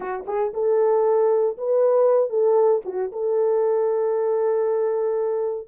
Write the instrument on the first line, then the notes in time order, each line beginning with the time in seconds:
horn
0.00 F#4
0.27 G#4
0.53 A4
1.57 B4
2.29 A4
2.85 F#4
3.12 A4